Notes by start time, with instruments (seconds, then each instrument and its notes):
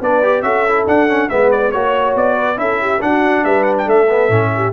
0.00 tuba B3, trombone D4, horn B4, trumpet D5
0.22 trombone G4
0.42 tuba C#4, trombone F#4, horn A4, trumpet E5
0.68 trombone E4
0.87 tuba D4, trombone D4, trumpet F#5
1.08 trombone C#4
1.29 tuba G#3, trombone B3, horn B4, trumpet E5
1.51 trumpet D5
1.71 tuba A#3, trombone F#4, trumpet C#5, horn C#5
2.15 tuba B3, trumpet D5
2.36 horn B4
2.56 tuba C#4, trombone E4, horn A4, trumpet E5
2.81 horn G4
3.00 trombone D4, tuba D4, horn F#4, trumpet F#5
3.44 tuba G3, horn B4, trumpet E5
3.63 trumpet F#5
3.78 trumpet G5
3.86 tuba A3, horn A4, trumpet E5
4.09 trombone B3
4.29 tuba A2, trombone C#4
4.55 horn G4